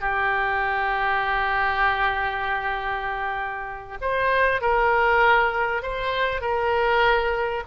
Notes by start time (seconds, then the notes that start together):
0.00 G4
4.01 C5
4.61 A#4
5.82 C5
6.41 A#4